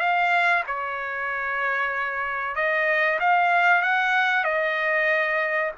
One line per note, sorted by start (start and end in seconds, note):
0.00 0.64 F5
0.67 2.56 C#5
2.56 3.19 D#5
3.20 3.83 F5
3.83 4.44 F#5
4.44 5.72 D#5